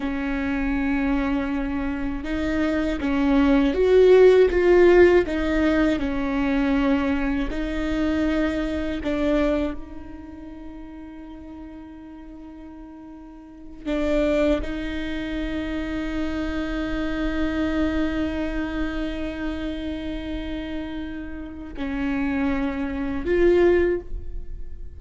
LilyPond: \new Staff \with { instrumentName = "viola" } { \time 4/4 \tempo 4 = 80 cis'2. dis'4 | cis'4 fis'4 f'4 dis'4 | cis'2 dis'2 | d'4 dis'2.~ |
dis'2~ dis'8 d'4 dis'8~ | dis'1~ | dis'1~ | dis'4 cis'2 f'4 | }